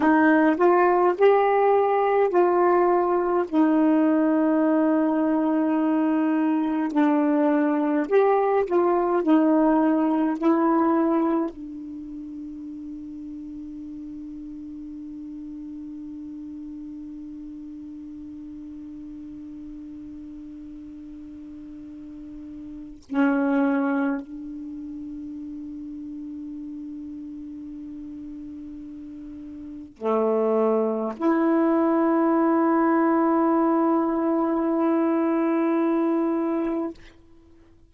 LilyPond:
\new Staff \with { instrumentName = "saxophone" } { \time 4/4 \tempo 4 = 52 dis'8 f'8 g'4 f'4 dis'4~ | dis'2 d'4 g'8 f'8 | dis'4 e'4 d'2~ | d'1~ |
d'1 | cis'4 d'2.~ | d'2 a4 e'4~ | e'1 | }